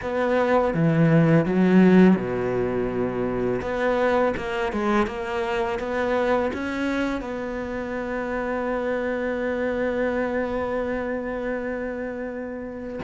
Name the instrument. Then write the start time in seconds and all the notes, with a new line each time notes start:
cello
0.02 B3
0.74 E3
1.45 F#3
2.16 B2
3.61 B3
4.36 A#3
4.72 G#3
5.06 A#3
5.79 B3
6.53 C#4
7.21 B3